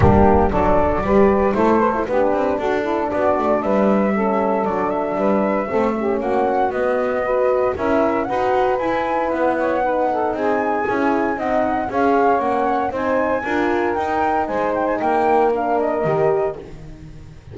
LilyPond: <<
  \new Staff \with { instrumentName = "flute" } { \time 4/4 \tempo 4 = 116 g'4 d''2 c''4 | b'4 a'4 d''4 e''4~ | e''4 d''8 e''2~ e''8 | fis''4 dis''2 e''4 |
fis''4 gis''4 fis''2 | gis''2 fis''4 f''4 | fis''4 gis''2 g''4 | gis''8 g''16 gis''16 g''4 f''8 dis''4. | }
  \new Staff \with { instrumentName = "saxophone" } { \time 4/4 d'4 a'4 b'4 a'4 | g'4 fis'8 e'8 fis'4 b'4 | a'2 b'4 a'8 g'8 | fis'2 b'4 ais'4 |
b'2~ b'8 cis''8 b'8 a'8 | gis'2 dis''4 cis''4~ | cis''4 c''4 ais'2 | c''4 ais'2. | }
  \new Staff \with { instrumentName = "horn" } { \time 4/4 ais4 d'4 g'4 e'8 b'16 e'16 | d'1 | cis'4 d'2 c'8 cis'8~ | cis'4 b4 fis'4 e'4 |
fis'4 e'2 dis'4~ | dis'4 e'4 dis'4 gis'4 | cis'4 dis'4 f'4 dis'4~ | dis'2 d'4 g'4 | }
  \new Staff \with { instrumentName = "double bass" } { \time 4/4 g4 fis4 g4 a4 | b8 c'8 d'4 b8 a8 g4~ | g4 fis4 g4 a4 | ais4 b2 cis'4 |
dis'4 e'4 b2 | c'4 cis'4 c'4 cis'4 | ais4 c'4 d'4 dis'4 | gis4 ais2 dis4 | }
>>